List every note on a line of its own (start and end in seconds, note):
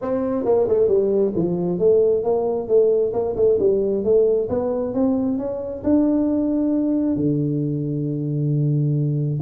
0.01 0.45 C4
0.45 0.67 A#3
0.68 0.88 A3
0.88 1.32 G3
1.35 1.78 F3
1.78 2.23 A3
2.23 2.67 A#3
2.67 3.12 A3
3.13 3.35 A#3
3.36 3.58 A3
3.59 4.04 G3
4.04 4.48 A3
4.49 4.94 B3
4.94 5.38 C4
5.38 5.82 C#4
5.83 7.15 D4
7.15 9.39 D3